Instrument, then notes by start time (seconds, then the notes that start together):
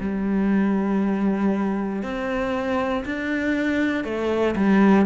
cello
0.00 G3
2.02 C4
3.06 D4
4.04 A3
4.56 G3